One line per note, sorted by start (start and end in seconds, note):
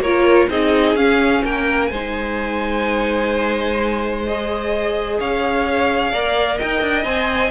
0.00 0.47 A#3
0.00 0.50 F4
0.00 0.49 A#4
0.00 0.49 C#5
0.49 0.95 C4
0.49 0.96 D#4
0.49 1.43 G#4
0.49 0.96 D#5
0.95 1.42 C#4
0.95 1.90 C#4
0.95 1.43 F5
1.43 1.90 A#3
1.43 1.90 A#4
1.43 1.86 G5
1.86 5.18 G#3
1.86 5.18 C5
1.86 4.20 G#5
1.95 4.27 D#4
4.26 6.13 G#4
4.26 5.20 D#5
5.19 6.12 C#4
5.19 6.12 C#5
5.19 6.59 F5
6.12 6.59 A#3
6.12 7.05 A#4
6.12 6.57 D5
6.57 6.81 D#4
6.57 7.51 D#5
6.57 7.04 G5
6.81 7.04 D4
7.04 7.51 C4
7.04 7.51 C5
7.04 7.51 G#5